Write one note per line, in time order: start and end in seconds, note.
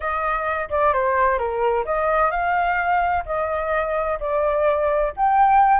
0.00 0.69 D#5
0.69 0.93 D5
0.93 1.38 C5
1.38 1.85 A#4
1.85 2.30 D#5
2.30 3.23 F5
3.25 4.18 D#5
4.20 5.13 D5
5.16 5.80 G5